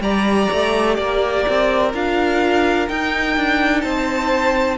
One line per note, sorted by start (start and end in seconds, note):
0.00 0.48 G3
0.00 1.93 G4
0.00 0.97 D5
0.00 0.94 A#5
0.52 0.98 A3
0.94 1.45 A#3
0.94 3.83 A#4
0.94 1.89 D5
1.48 1.93 C4
1.93 2.89 D4
1.93 2.89 F4
1.93 2.88 F5
2.88 4.78 D#4
2.88 3.36 D#4
2.88 3.81 G5
3.36 3.83 D4
3.81 4.78 C4
3.81 4.78 C5
3.81 4.76 A5